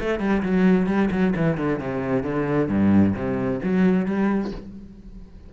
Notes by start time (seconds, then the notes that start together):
0.00 A3
0.20 G3
0.43 F#3
0.87 G3
1.11 F#3
1.36 E3
1.58 D3
1.79 C3
2.23 D3
2.69 G2
3.14 C3
3.64 F#3
4.06 G3